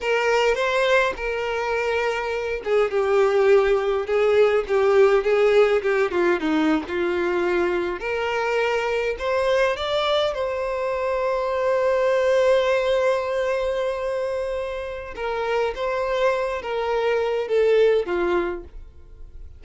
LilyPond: \new Staff \with { instrumentName = "violin" } { \time 4/4 \tempo 4 = 103 ais'4 c''4 ais'2~ | ais'8 gis'8 g'2 gis'4 | g'4 gis'4 g'8 f'8 dis'8. f'16~ | f'4.~ f'16 ais'2 c''16~ |
c''8. d''4 c''2~ c''16~ | c''1~ | c''2 ais'4 c''4~ | c''8 ais'4. a'4 f'4 | }